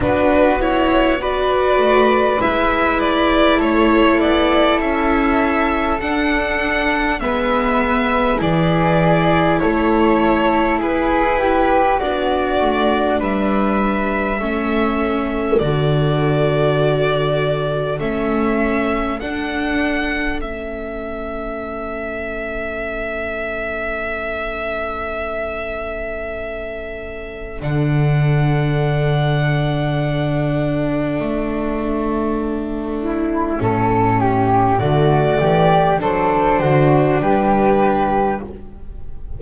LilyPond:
<<
  \new Staff \with { instrumentName = "violin" } { \time 4/4 \tempo 4 = 50 b'8 cis''8 d''4 e''8 d''8 cis''8 d''8 | e''4 fis''4 e''4 d''4 | cis''4 b'4 d''4 e''4~ | e''4 d''2 e''4 |
fis''4 e''2.~ | e''2. fis''4~ | fis''2 e''2~ | e''4 d''4 c''4 b'4 | }
  \new Staff \with { instrumentName = "flute" } { \time 4/4 fis'4 b'2 a'4~ | a'2 b'4 gis'4 | a'4 gis'8 g'8 fis'4 b'4 | a'1~ |
a'1~ | a'1~ | a'2.~ a'8 e'8 | a'8 g'8 fis'8 g'8 a'8 fis'8 g'4 | }
  \new Staff \with { instrumentName = "viola" } { \time 4/4 d'8 e'8 fis'4 e'2~ | e'4 d'4 b4 e'4~ | e'2 d'2 | cis'4 fis'2 cis'4 |
d'4 cis'2.~ | cis'2. d'4~ | d'1 | cis'4 a4 d'2 | }
  \new Staff \with { instrumentName = "double bass" } { \time 4/4 b4. a8 gis4 a8 b8 | cis'4 d'4 gis4 e4 | a4 e'4 b8 a8 g4 | a4 d2 a4 |
d'4 a2.~ | a2. d4~ | d2 a2 | a,4 d8 e8 fis8 d8 g4 | }
>>